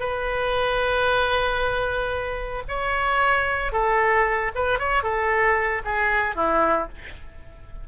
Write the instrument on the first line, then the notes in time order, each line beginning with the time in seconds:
oboe
0.00 B4
2.68 C#5
3.72 A4
4.55 B4
4.79 C#5
5.03 A4
5.84 G#4
6.35 E4